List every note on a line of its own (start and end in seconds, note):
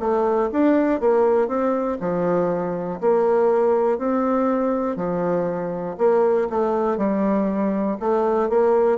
0.00 0.50 A3
0.52 1.00 D4
1.00 1.48 A#3
1.48 1.98 C4
2.00 3.00 F3
3.01 3.99 A#3
3.99 4.96 C4
4.96 5.96 F3
5.98 6.48 A#3
6.50 6.97 A3
6.97 7.97 G3
8.00 8.50 A3
8.50 8.98 A#3